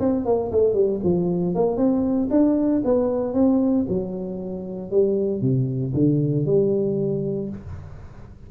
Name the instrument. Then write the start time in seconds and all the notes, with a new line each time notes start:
tuba
0.00 C4
0.26 A#3
0.52 A3
0.74 G3
1.04 F3
1.55 A#3
1.77 C4
2.31 D4
2.85 B3
3.34 C4
3.89 F#3
4.91 G3
5.41 C3
5.94 D3
6.46 G3